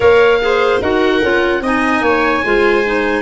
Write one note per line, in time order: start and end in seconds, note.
0.00 0.81 A#3
0.00 0.40 A#4
0.00 0.39 C#5
0.00 0.81 F5
0.41 0.81 G#4
0.41 0.81 C5
0.81 1.22 D#4
0.81 1.21 F#4
0.81 1.62 A#4
0.81 1.63 F#5
1.22 1.60 C#4
1.22 1.62 F4
1.60 2.01 C4
1.60 2.43 D#4
1.60 2.03 D#5
1.60 3.21 G#5
2.01 2.41 A#3
2.01 2.43 C#5
2.43 3.21 G#3
2.43 2.84 F4
2.43 3.21 C5
2.84 3.21 D#4